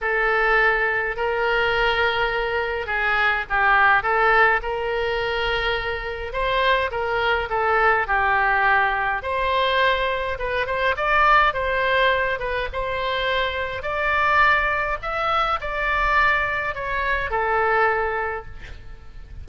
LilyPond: \new Staff \with { instrumentName = "oboe" } { \time 4/4 \tempo 4 = 104 a'2 ais'2~ | ais'4 gis'4 g'4 a'4 | ais'2. c''4 | ais'4 a'4 g'2 |
c''2 b'8 c''8 d''4 | c''4. b'8 c''2 | d''2 e''4 d''4~ | d''4 cis''4 a'2 | }